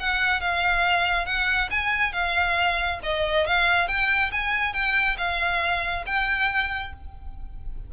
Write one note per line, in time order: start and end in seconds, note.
0.00 0.41 F#5
0.41 1.26 F5
1.26 1.70 F#5
1.71 2.13 G#5
2.13 3.00 F5
3.03 3.47 D#5
3.47 3.88 F5
3.88 4.31 G5
4.32 4.74 G#5
4.74 5.17 G5
5.18 6.05 F5
6.07 6.93 G5